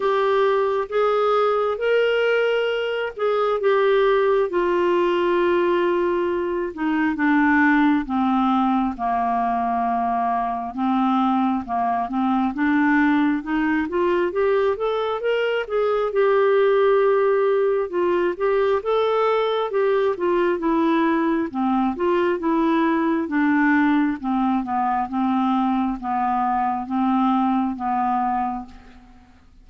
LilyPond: \new Staff \with { instrumentName = "clarinet" } { \time 4/4 \tempo 4 = 67 g'4 gis'4 ais'4. gis'8 | g'4 f'2~ f'8 dis'8 | d'4 c'4 ais2 | c'4 ais8 c'8 d'4 dis'8 f'8 |
g'8 a'8 ais'8 gis'8 g'2 | f'8 g'8 a'4 g'8 f'8 e'4 | c'8 f'8 e'4 d'4 c'8 b8 | c'4 b4 c'4 b4 | }